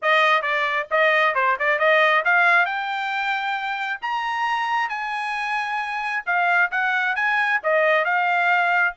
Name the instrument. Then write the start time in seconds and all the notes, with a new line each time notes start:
trumpet
0.02 D#5
0.42 D5
0.90 D#5
1.34 C5
1.59 D5
1.78 D#5
2.24 F5
2.65 G5
4.01 A#5
4.89 G#5
6.26 F5
6.71 F#5
7.15 G#5
7.63 D#5
8.04 F5